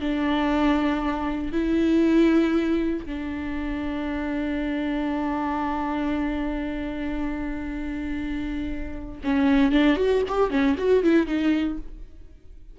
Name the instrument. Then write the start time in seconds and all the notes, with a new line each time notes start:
viola
0.00 D4
1.52 E4
3.06 D4
9.24 C#4
9.72 D4
9.97 F#4
10.28 G4
10.50 C#4
10.78 F#4
11.03 E4
11.27 D#4